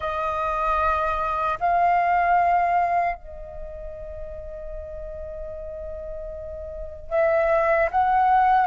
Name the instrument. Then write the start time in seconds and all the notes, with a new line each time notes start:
flute
0.00 D#5
1.60 F5
3.15 D#5
7.10 E5
7.91 F#5